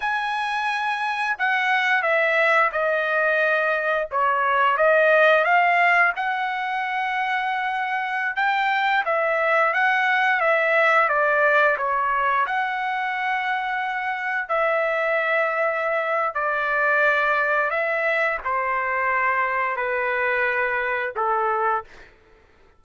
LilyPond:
\new Staff \with { instrumentName = "trumpet" } { \time 4/4 \tempo 4 = 88 gis''2 fis''4 e''4 | dis''2 cis''4 dis''4 | f''4 fis''2.~ | fis''16 g''4 e''4 fis''4 e''8.~ |
e''16 d''4 cis''4 fis''4.~ fis''16~ | fis''4~ fis''16 e''2~ e''8. | d''2 e''4 c''4~ | c''4 b'2 a'4 | }